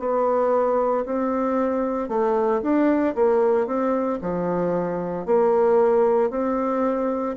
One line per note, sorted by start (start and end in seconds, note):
0.00 1.05 B3
1.06 2.09 C4
2.09 2.62 A3
2.63 3.15 D4
3.15 3.67 A#3
3.67 4.20 C4
4.22 5.26 F3
5.26 6.31 A#3
6.31 7.36 C4